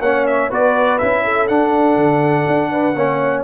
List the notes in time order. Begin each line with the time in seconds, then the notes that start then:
0.00 A#3 C#4 C#5 F#5
0.26 E5
0.49 B3 F#4 B4 D5
0.98 C#4 E4 E5
1.24 A4
1.47 D4 F#5
1.96 D3
2.47 D4
2.71 B4
2.95 A#3 C#4 C#5